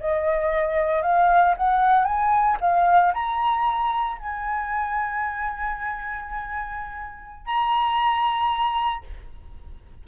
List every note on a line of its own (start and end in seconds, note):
0.00 1.03 D#5
1.03 1.55 F5
1.57 2.05 F#5
2.05 2.58 G#5
2.61 3.14 F5
3.14 4.19 A#5
4.19 7.46 G#5
7.46 9.04 A#5